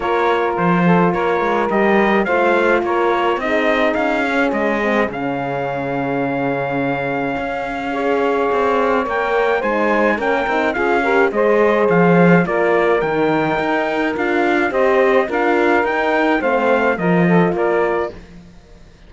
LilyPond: <<
  \new Staff \with { instrumentName = "trumpet" } { \time 4/4 \tempo 4 = 106 cis''4 c''4 cis''4 dis''4 | f''4 cis''4 dis''4 f''4 | dis''4 f''2.~ | f''1 |
g''4 gis''4 g''4 f''4 | dis''4 f''4 d''4 g''4~ | g''4 f''4 dis''4 f''4 | g''4 f''4 dis''4 d''4 | }
  \new Staff \with { instrumentName = "saxophone" } { \time 4/4 ais'4. a'8 ais'2 | c''4 ais'4 gis'2~ | gis'1~ | gis'2 cis''2~ |
cis''4 c''4 ais'4 gis'8 ais'8 | c''2 ais'2~ | ais'2 c''4 ais'4~ | ais'4 c''4 ais'8 a'8 ais'4 | }
  \new Staff \with { instrumentName = "horn" } { \time 4/4 f'2. g'4 | f'2 dis'4. cis'8~ | cis'8 c'8 cis'2.~ | cis'2 gis'2 |
ais'4 dis'4 cis'8 dis'8 f'8 g'8 | gis'2 f'4 dis'4~ | dis'4 f'4 g'4 f'4 | dis'4 c'4 f'2 | }
  \new Staff \with { instrumentName = "cello" } { \time 4/4 ais4 f4 ais8 gis8 g4 | a4 ais4 c'4 cis'4 | gis4 cis2.~ | cis4 cis'2 c'4 |
ais4 gis4 ais8 c'8 cis'4 | gis4 f4 ais4 dis4 | dis'4 d'4 c'4 d'4 | dis'4 a4 f4 ais4 | }
>>